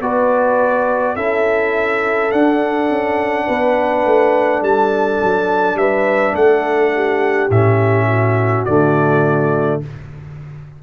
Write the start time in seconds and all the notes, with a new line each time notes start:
0.00 B3 F#4 B4 D5
1.15 C#4 E4 A4 E5
2.31 D4 F#5
2.89 C#4
3.46 B3 B4
4.05 A3
4.60 G3 A4 A5
5.23 F#3
5.74 G3 B4 E5
6.32 A3 A4 F#5
6.95 G4
7.50 A2 C#4 E5
8.07 F#4
8.65 D3 A3 D5